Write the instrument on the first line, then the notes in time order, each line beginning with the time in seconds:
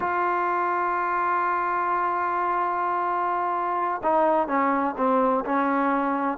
trombone
0.00 F4
4.03 D#4
4.47 C#4
4.97 C4
5.45 C#4